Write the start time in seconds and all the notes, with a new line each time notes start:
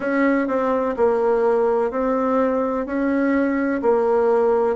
0.00 C#4
0.47 C4
0.96 A#3
1.90 C4
2.86 C#4
3.82 A#3